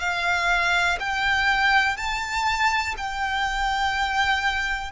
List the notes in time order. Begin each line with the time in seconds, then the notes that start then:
0.00 F5
1.00 G5
1.97 A5
2.97 G5